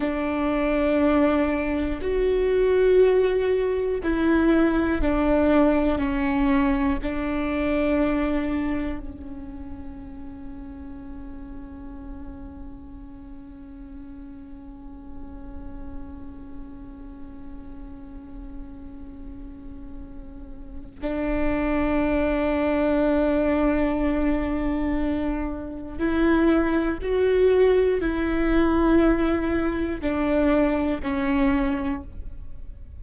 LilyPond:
\new Staff \with { instrumentName = "viola" } { \time 4/4 \tempo 4 = 60 d'2 fis'2 | e'4 d'4 cis'4 d'4~ | d'4 cis'2.~ | cis'1~ |
cis'1~ | cis'4 d'2.~ | d'2 e'4 fis'4 | e'2 d'4 cis'4 | }